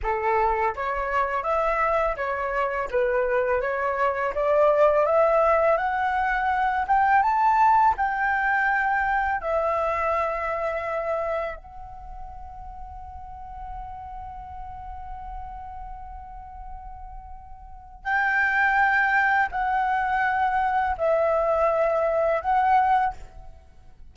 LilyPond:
\new Staff \with { instrumentName = "flute" } { \time 4/4 \tempo 4 = 83 a'4 cis''4 e''4 cis''4 | b'4 cis''4 d''4 e''4 | fis''4. g''8 a''4 g''4~ | g''4 e''2. |
fis''1~ | fis''1~ | fis''4 g''2 fis''4~ | fis''4 e''2 fis''4 | }